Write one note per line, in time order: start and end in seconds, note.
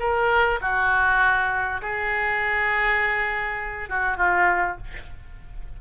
0.00 0.60 A#4
0.62 1.82 F#4
1.82 3.90 G#4
3.90 4.18 F#4
4.18 4.78 F4